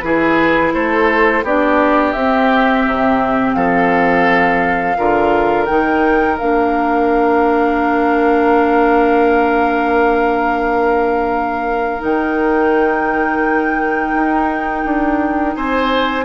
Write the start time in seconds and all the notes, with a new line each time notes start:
0.00 E3 E4 G#4 B4
0.74 A3 A4 C5
1.43 B3 D4 G4 D5
2.12 C4 E5
2.86 C3
3.54 F3 A4 F5
4.97 D3 F4 A#4
5.66 D#3 D#4 G5
6.38 A#3 D4 F5
11.99 D#3 D#4 G5
14.13 D#4
14.85 D4
15.56 C4 C5 G#5